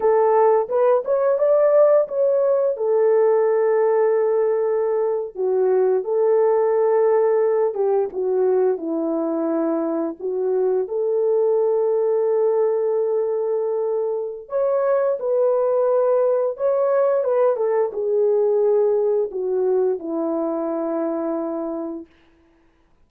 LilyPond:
\new Staff \with { instrumentName = "horn" } { \time 4/4 \tempo 4 = 87 a'4 b'8 cis''8 d''4 cis''4 | a'2.~ a'8. fis'16~ | fis'8. a'2~ a'8 g'8 fis'16~ | fis'8. e'2 fis'4 a'16~ |
a'1~ | a'4 cis''4 b'2 | cis''4 b'8 a'8 gis'2 | fis'4 e'2. | }